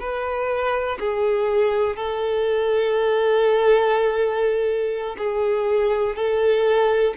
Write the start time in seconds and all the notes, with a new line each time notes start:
0.00 B4
1.00 G#4
1.97 A4
5.18 G#4
6.16 A4